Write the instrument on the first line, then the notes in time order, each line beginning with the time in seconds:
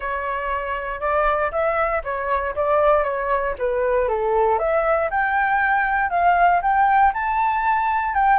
flute
0.00 C#5
1.00 D5
1.51 E5
2.04 C#5
2.55 D5
3.03 C#5
3.58 B4
4.08 A4
4.59 E5
5.10 G5
6.10 F5
6.62 G5
7.13 A5
8.14 G5